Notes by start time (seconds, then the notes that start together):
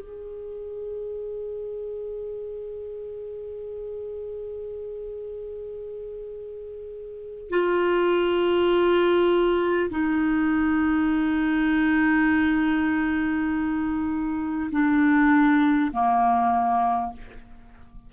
0.00 G#4
7.49 F4
9.90 D#4
14.71 D4
15.92 A#3